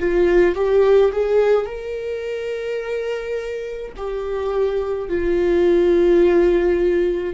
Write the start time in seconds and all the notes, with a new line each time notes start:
0.00 F4
0.56 G4
1.12 G#4
1.66 A#4
3.97 G4
5.09 F4